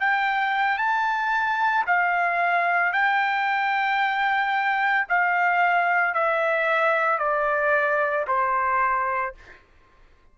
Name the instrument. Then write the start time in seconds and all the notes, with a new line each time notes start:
trumpet
0.00 G5
0.78 A5
1.87 F5
2.93 G5
5.08 F5
6.15 E5
7.19 D5
8.27 C5